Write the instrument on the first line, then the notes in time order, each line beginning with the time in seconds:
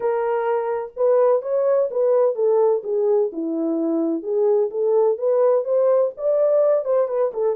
horn
0.00 A#4
0.96 B4
1.42 C#5
1.90 B4
2.35 A4
2.83 G#4
3.32 E4
4.22 G#4
4.70 A4
5.18 B4
5.64 C5
6.17 D5
6.84 C5
7.08 B4
7.33 A4